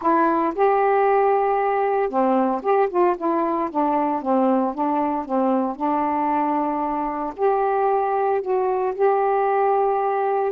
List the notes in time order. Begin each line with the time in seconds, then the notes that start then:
0.01 E4
0.55 G4
2.09 C4
2.62 G4
2.89 F4
3.17 E4
3.70 D4
4.22 C4
4.74 D4
5.25 C4
5.76 D4
7.36 G4
8.41 F#4
8.94 G4